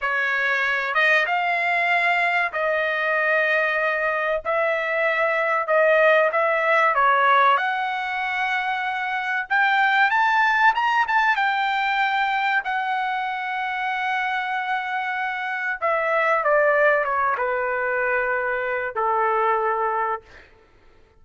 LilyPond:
\new Staff \with { instrumentName = "trumpet" } { \time 4/4 \tempo 4 = 95 cis''4. dis''8 f''2 | dis''2. e''4~ | e''4 dis''4 e''4 cis''4 | fis''2. g''4 |
a''4 ais''8 a''8 g''2 | fis''1~ | fis''4 e''4 d''4 cis''8 b'8~ | b'2 a'2 | }